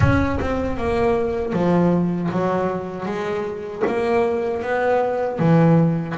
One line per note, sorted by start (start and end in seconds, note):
0.00 0.38 C#4
0.41 0.77 C4
0.77 1.52 A#3
1.52 2.29 F3
2.31 3.05 F#3
3.05 3.82 G#3
3.87 4.62 A#3
4.62 5.38 B3
5.38 6.15 E3